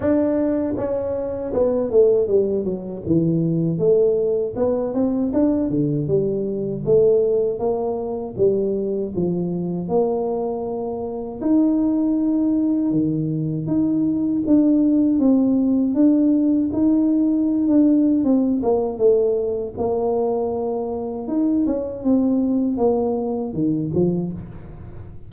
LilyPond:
\new Staff \with { instrumentName = "tuba" } { \time 4/4 \tempo 4 = 79 d'4 cis'4 b8 a8 g8 fis8 | e4 a4 b8 c'8 d'8 d8 | g4 a4 ais4 g4 | f4 ais2 dis'4~ |
dis'4 dis4 dis'4 d'4 | c'4 d'4 dis'4~ dis'16 d'8. | c'8 ais8 a4 ais2 | dis'8 cis'8 c'4 ais4 dis8 f8 | }